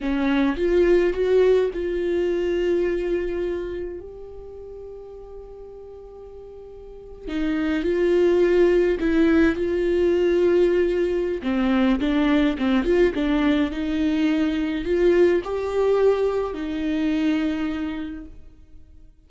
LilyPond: \new Staff \with { instrumentName = "viola" } { \time 4/4 \tempo 4 = 105 cis'4 f'4 fis'4 f'4~ | f'2. g'4~ | g'1~ | g'8. dis'4 f'2 e'16~ |
e'8. f'2.~ f'16 | c'4 d'4 c'8 f'8 d'4 | dis'2 f'4 g'4~ | g'4 dis'2. | }